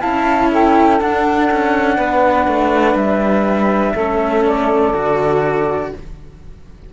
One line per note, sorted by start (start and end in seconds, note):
0.00 1.01 C#4
0.00 1.00 E4
0.00 0.49 F5
0.00 0.50 A5
0.51 1.97 A4
0.51 1.01 G5
1.00 3.95 D4
1.00 1.50 D4
1.00 2.97 F#5
1.51 1.98 C#4
1.97 2.47 B3
1.97 3.93 B4
2.47 2.95 A3
2.95 3.93 G3
2.95 4.44 E5
3.94 4.93 A3
3.94 4.94 C#4
3.94 5.90 A4
4.46 5.93 D5
4.94 5.93 D3
4.94 5.92 F#4